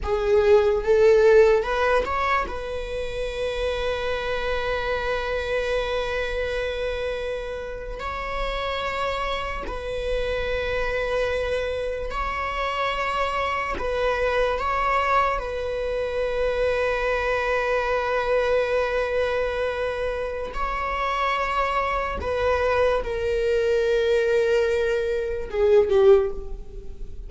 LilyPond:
\new Staff \with { instrumentName = "viola" } { \time 4/4 \tempo 4 = 73 gis'4 a'4 b'8 cis''8 b'4~ | b'1~ | b'4.~ b'16 cis''2 b'16~ | b'2~ b'8. cis''4~ cis''16~ |
cis''8. b'4 cis''4 b'4~ b'16~ | b'1~ | b'4 cis''2 b'4 | ais'2. gis'8 g'8 | }